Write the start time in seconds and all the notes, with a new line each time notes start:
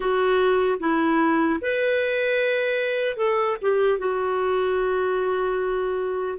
0.00 F#4
0.79 E4
1.61 B4
3.16 A4
3.61 G4
3.98 F#4